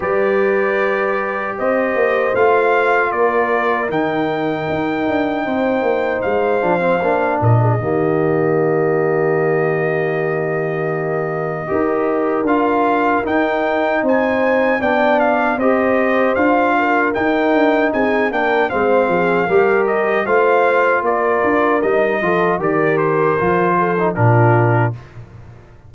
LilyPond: <<
  \new Staff \with { instrumentName = "trumpet" } { \time 4/4 \tempo 4 = 77 d''2 dis''4 f''4 | d''4 g''2. | f''4. dis''2~ dis''8~ | dis''1 |
f''4 g''4 gis''4 g''8 f''8 | dis''4 f''4 g''4 gis''8 g''8 | f''4. dis''8 f''4 d''4 | dis''4 d''8 c''4. ais'4 | }
  \new Staff \with { instrumentName = "horn" } { \time 4/4 b'2 c''2 | ais'2. c''4~ | c''4. ais'16 gis'16 g'2~ | g'2. ais'4~ |
ais'2 c''4 d''4 | c''4. ais'4. gis'8 ais'8 | c''8 gis'8 ais'4 c''4 ais'4~ | ais'8 a'8 ais'4. a'8 f'4 | }
  \new Staff \with { instrumentName = "trombone" } { \time 4/4 g'2. f'4~ | f'4 dis'2.~ | dis'8 d'16 c'16 d'4 ais2~ | ais2. g'4 |
f'4 dis'2 d'4 | g'4 f'4 dis'4. d'8 | c'4 g'4 f'2 | dis'8 f'8 g'4 f'8. dis'16 d'4 | }
  \new Staff \with { instrumentName = "tuba" } { \time 4/4 g2 c'8 ais8 a4 | ais4 dis4 dis'8 d'8 c'8 ais8 | gis8 f8 ais8 ais,8 dis2~ | dis2. dis'4 |
d'4 dis'4 c'4 b4 | c'4 d'4 dis'8 d'8 c'8 ais8 | gis8 f8 g4 a4 ais8 d'8 | g8 f8 dis4 f4 ais,4 | }
>>